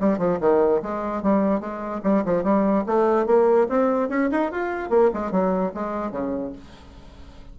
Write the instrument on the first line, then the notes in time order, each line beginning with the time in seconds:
bassoon
0.00 G3
0.18 F3
0.40 D#3
0.82 G#3
1.23 G3
1.60 G#3
2.04 G3
2.25 F3
2.44 G3
2.86 A3
3.27 A#3
3.69 C4
4.09 C#4
4.32 D#4
4.51 F4
4.90 A#3
5.14 G#3
5.31 F#3
5.75 G#3
6.12 C#3